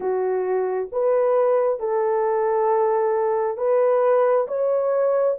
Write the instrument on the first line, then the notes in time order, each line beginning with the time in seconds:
horn
0.00 F#4
0.92 B4
1.79 A4
3.57 B4
4.47 C#5